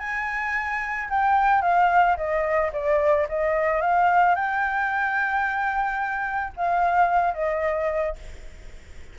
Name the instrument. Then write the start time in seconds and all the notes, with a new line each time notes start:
flute
0.00 G#5
1.10 G5
1.62 F5
2.17 D#5
2.73 D5
3.29 D#5
3.82 F5
4.35 G5
6.57 F5
7.34 D#5